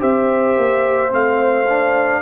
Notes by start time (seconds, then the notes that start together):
0.00 C4 G4 C5 E5
0.57 A#3
1.10 A3 C4 F5
1.69 D4